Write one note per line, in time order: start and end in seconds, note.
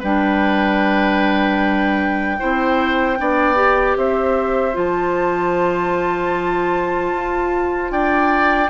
0.00 2.40 G3
0.00 2.39 D4
0.00 2.37 B4
0.00 3.98 G5
2.39 3.20 C4
2.39 3.18 E4
2.39 3.19 C5
3.18 3.96 B3
3.18 3.55 D4
3.18 3.98 D5
3.55 4.73 G4
3.96 4.75 C4
3.96 7.92 C5
3.96 4.76 E5
4.73 7.13 F3
4.73 8.68 F4
4.73 7.92 A5
7.13 7.91 F4
7.91 8.70 D4
7.91 8.70 D5
7.91 8.70 G5